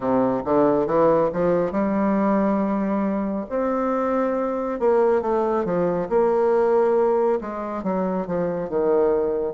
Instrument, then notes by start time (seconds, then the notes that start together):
bassoon
0.00 C3
0.44 D3
0.86 E3
1.32 F3
1.71 G3
3.49 C4
4.79 A#3
5.21 A3
5.64 F3
6.09 A#3
7.41 G#3
7.83 F#3
8.26 F3
8.69 D#3